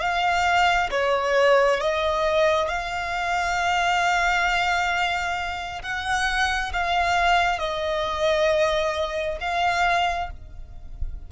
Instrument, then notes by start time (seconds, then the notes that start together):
violin
0.00 F5
0.91 C#5
1.80 D#5
2.68 F5
5.82 F#5
6.72 F5
7.59 D#5
9.40 F5